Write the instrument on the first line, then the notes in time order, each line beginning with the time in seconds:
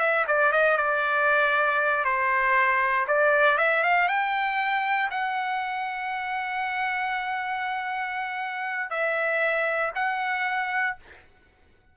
trumpet
0.00 E5
0.28 D5
0.52 D#5
0.78 D5
2.05 C5
3.08 D5
3.58 E5
3.84 F5
4.08 G5
5.11 F#5
8.91 E5
9.95 F#5